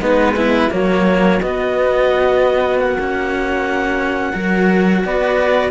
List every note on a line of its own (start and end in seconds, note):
0.00 0.69 G#3
0.00 0.35 B3
0.00 0.36 D#4
0.00 0.73 B4
0.36 0.71 B3
0.36 0.71 E4
0.71 1.42 F#3
0.71 1.40 A#3
0.71 4.33 F#4
0.71 1.41 C#5
1.41 2.75 B3
1.41 2.98 B3
1.41 2.78 D#5
2.75 4.30 A#3
2.75 5.02 F#5
3.00 4.33 C#4
4.33 5.04 F#3
4.33 5.71 F#4
4.33 5.02 A#4
5.05 5.71 B3
5.05 5.71 B4
5.05 5.71 D5